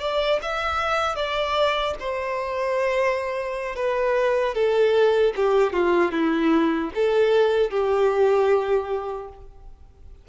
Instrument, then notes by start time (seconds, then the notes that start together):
violin
0.00 D5
0.42 E5
1.16 D5
2.00 C5
3.76 B4
4.55 A4
5.36 G4
5.73 F4
6.12 E4
6.95 A4
7.70 G4